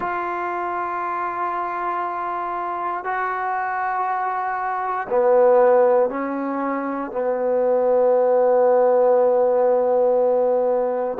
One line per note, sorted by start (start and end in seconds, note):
0.00 3.04 F4
3.04 5.07 F#4
5.09 6.09 B3
6.09 7.11 C#4
7.11 11.18 B3